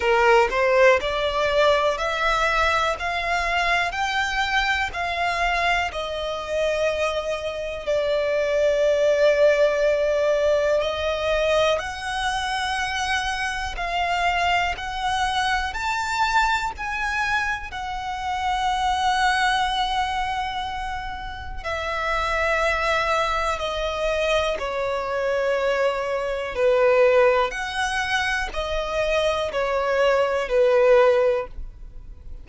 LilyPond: \new Staff \with { instrumentName = "violin" } { \time 4/4 \tempo 4 = 61 ais'8 c''8 d''4 e''4 f''4 | g''4 f''4 dis''2 | d''2. dis''4 | fis''2 f''4 fis''4 |
a''4 gis''4 fis''2~ | fis''2 e''2 | dis''4 cis''2 b'4 | fis''4 dis''4 cis''4 b'4 | }